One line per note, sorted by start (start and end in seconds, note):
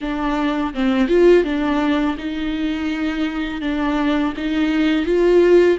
0.01 0.73 D4
0.74 1.08 C4
1.08 1.44 F4
1.44 2.16 D4
2.17 3.61 D#4
3.61 4.33 D4
4.37 5.05 D#4
5.05 5.77 F4